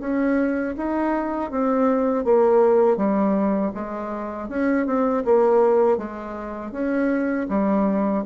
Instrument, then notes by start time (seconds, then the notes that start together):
bassoon
0.00 C#4
0.77 D#4
1.51 C4
2.24 A#3
2.97 G3
3.74 G#3
4.49 C#4
4.86 C4
5.25 A#3
5.97 G#3
6.72 C#4
7.49 G3